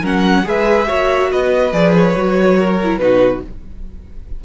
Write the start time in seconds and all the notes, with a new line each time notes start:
0.00 F#3 C#4 A#4 F#5
0.44 G#3 G#4 B4 E5
0.86 A#3 F#4 C#5
1.31 B3 B4 D#5
1.72 F3 G#4 D5
1.97 C#5
2.16 F#3 F#4
2.57 A#4
2.83 E4
2.97 B2 D#4 F#4 B4